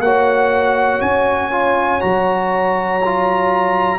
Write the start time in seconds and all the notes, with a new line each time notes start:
0.00 A#3 F#4 C#5 F#5
1.01 C#4 G#5
1.51 F4
2.01 F#3 F#4 A#5
3.05 F4